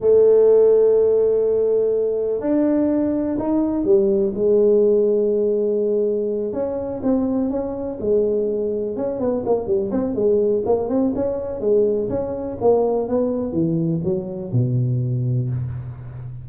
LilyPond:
\new Staff \with { instrumentName = "tuba" } { \time 4/4 \tempo 4 = 124 a1~ | a4 d'2 dis'4 | g4 gis2.~ | gis4. cis'4 c'4 cis'8~ |
cis'8 gis2 cis'8 b8 ais8 | g8 c'8 gis4 ais8 c'8 cis'4 | gis4 cis'4 ais4 b4 | e4 fis4 b,2 | }